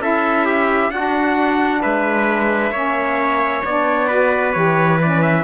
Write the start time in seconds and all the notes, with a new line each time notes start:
0.00 C#4 E4 A4 E5
0.46 G4
0.91 D4 F#4 F#5
1.82 G#3 B4 E5
2.71 A#3 C#4 C#5
3.65 B3 D4 D5
4.08 F#4 B4
4.53 E3 G4 C#5
5.02 C#4 D5
5.23 E5